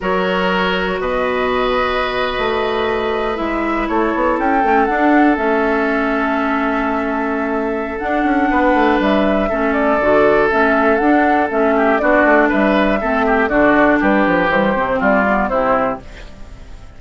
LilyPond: <<
  \new Staff \with { instrumentName = "flute" } { \time 4/4 \tempo 4 = 120 cis''2 dis''2~ | dis''2~ dis''8. e''4 cis''16~ | cis''8. g''4 fis''4 e''4~ e''16~ | e''1 |
fis''2 e''4. d''8~ | d''4 e''4 fis''4 e''4 | d''4 e''2 d''4 | b'4 c''4 d''4 c''4 | }
  \new Staff \with { instrumentName = "oboe" } { \time 4/4 ais'2 b'2~ | b'2.~ b'8. a'16~ | a'1~ | a'1~ |
a'4 b'2 a'4~ | a'2.~ a'8 g'8 | fis'4 b'4 a'8 g'8 fis'4 | g'2 f'4 e'4 | }
  \new Staff \with { instrumentName = "clarinet" } { \time 4/4 fis'1~ | fis'2~ fis'8. e'4~ e'16~ | e'4~ e'16 cis'8 d'4 cis'4~ cis'16~ | cis'1 |
d'2. cis'4 | fis'4 cis'4 d'4 cis'4 | d'2 c'4 d'4~ | d'4 g8 c'4 b8 c'4 | }
  \new Staff \with { instrumentName = "bassoon" } { \time 4/4 fis2 b,2~ | b,8. a2 gis4 a16~ | a16 b8 cis'8 a8 d'4 a4~ a16~ | a1 |
d'8 cis'8 b8 a8 g4 a4 | d4 a4 d'4 a4 | b8 a8 g4 a4 d4 | g8 f8 e8 c8 g4 c4 | }
>>